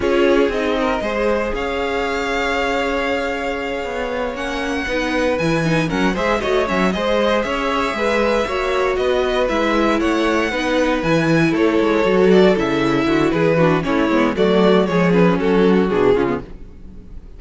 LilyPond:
<<
  \new Staff \with { instrumentName = "violin" } { \time 4/4 \tempo 4 = 117 cis''4 dis''2 f''4~ | f''1~ | f''8 fis''2 gis''4 fis''8 | e''8 dis''8 e''8 dis''4 e''4.~ |
e''4. dis''4 e''4 fis''8~ | fis''4. gis''4 cis''4. | d''8 e''4. b'4 cis''4 | d''4 cis''8 b'8 a'4 gis'4 | }
  \new Staff \with { instrumentName = "violin" } { \time 4/4 gis'4. ais'8 c''4 cis''4~ | cis''1~ | cis''4. b'2 ais'8 | c''8 cis''4 c''4 cis''4 b'8~ |
b'8 cis''4 b'2 cis''8~ | cis''8 b'2 a'4.~ | a'4. fis'8 gis'8 fis'8 e'4 | fis'4 gis'4 fis'4. f'8 | }
  \new Staff \with { instrumentName = "viola" } { \time 4/4 f'4 dis'4 gis'2~ | gis'1~ | gis'8 cis'4 dis'4 e'8 dis'8 cis'8 | gis'8 fis'8 cis'8 gis'2~ gis'8~ |
gis'8 fis'2 e'4.~ | e'8 dis'4 e'2 fis'8~ | fis'8 e'2 d'8 cis'8 b8 | a4 gis8 cis'4. d'8 cis'16 b16 | }
  \new Staff \with { instrumentName = "cello" } { \time 4/4 cis'4 c'4 gis4 cis'4~ | cis'2.~ cis'8 b8~ | b8 ais4 b4 e4 fis8 | gis8 a8 fis8 gis4 cis'4 gis8~ |
gis8 ais4 b4 gis4 a8~ | a8 b4 e4 a8 gis8 fis8~ | fis8 cis4 d8 e4 a8 gis8 | fis4 f4 fis4 b,8 cis8 | }
>>